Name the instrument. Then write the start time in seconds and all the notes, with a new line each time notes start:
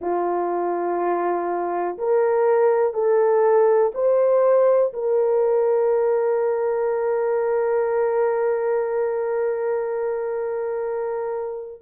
horn
0.00 F4
1.98 A#4
2.93 A4
3.94 C5
4.93 A#4